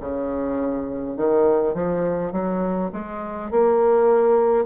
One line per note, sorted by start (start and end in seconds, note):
0.00 1.17 C#3
1.17 1.74 D#3
1.74 2.32 F3
2.32 2.90 F#3
2.92 3.50 G#3
3.50 4.65 A#3